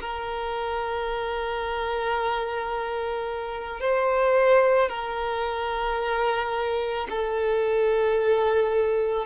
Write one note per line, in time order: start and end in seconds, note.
0.00 3.80 A#4
3.80 4.89 C5
4.89 7.07 A#4
7.10 9.26 A4